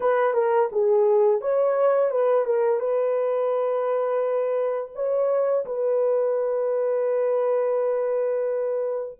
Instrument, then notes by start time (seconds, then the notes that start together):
horn
0.00 B4
0.33 A#4
0.72 G#4
1.41 C#5
2.10 B4
2.45 A#4
2.79 B4
4.94 C#5
5.65 B4